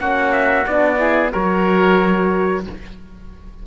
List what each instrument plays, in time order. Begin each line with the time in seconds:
0.00 cello A#3, horn C#4, oboe F#4, trumpet F#5
0.33 trumpet E5
0.67 cello B3, horn D4, trumpet D5
0.98 horn E4, oboe G#4
1.32 cello F#3, horn F#4, oboe A#4, trumpet C#5